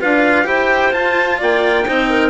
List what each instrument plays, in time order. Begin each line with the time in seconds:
0.00 bassoon D4, cello F4, clarinet B4, trumpet F5
0.44 bassoon E4, cello G4, clarinet C5, trumpet G5
0.91 cello F4, bassoon F4, trumpet A5
1.38 bassoon A#3, clarinet D5, trumpet G5
1.86 bassoon C4, cello D#4, clarinet C5
2.09 clarinet A#4